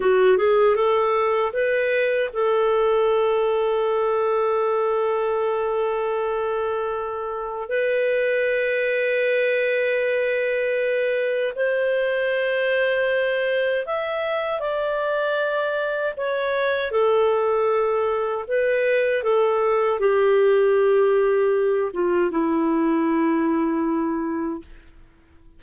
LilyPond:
\new Staff \with { instrumentName = "clarinet" } { \time 4/4 \tempo 4 = 78 fis'8 gis'8 a'4 b'4 a'4~ | a'1~ | a'2 b'2~ | b'2. c''4~ |
c''2 e''4 d''4~ | d''4 cis''4 a'2 | b'4 a'4 g'2~ | g'8 f'8 e'2. | }